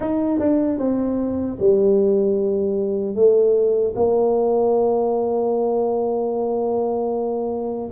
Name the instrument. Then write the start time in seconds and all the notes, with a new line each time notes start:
tuba
0.00 D#4
0.39 D4
0.78 C4
1.59 G3
3.15 A3
3.95 A#3